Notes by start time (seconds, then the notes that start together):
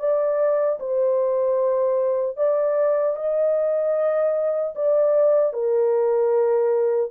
0.00 D5
0.80 C5
2.37 D5
3.17 D#5
4.75 D5
5.53 A#4